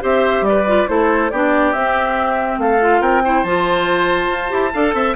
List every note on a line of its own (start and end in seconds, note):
0.00 0.41 C4
0.00 0.64 G4
0.00 0.45 C5
0.00 0.46 E5
0.41 0.84 G3
0.41 0.88 D5
0.48 0.90 B4
0.67 0.87 F4
0.87 1.31 A3
0.87 1.30 E4
0.87 1.31 A4
0.87 1.30 C5
1.30 1.74 B3
1.30 1.75 D4
1.30 2.60 G4
1.30 1.73 D5
1.73 2.58 C4
1.73 2.80 C4
1.73 2.58 E5
2.58 3.01 A3
2.58 3.01 A4
2.58 3.02 F5
2.80 3.23 F4
3.01 3.43 C4
3.01 3.22 A#4
3.01 3.44 G5
3.24 3.46 E4
3.24 4.73 C5
3.44 4.29 F3
3.44 4.48 F4
3.44 5.15 A5
4.30 4.51 F4
4.48 4.73 E4
4.48 4.70 G4
4.73 4.94 D4
4.73 5.16 A4
4.73 4.94 F5
4.94 5.15 C4
4.94 5.16 E5